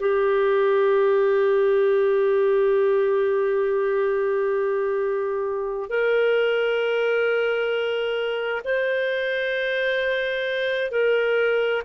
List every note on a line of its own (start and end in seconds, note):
0.00 5.90 G4
5.90 8.62 A#4
8.64 10.92 C5
10.92 11.83 A#4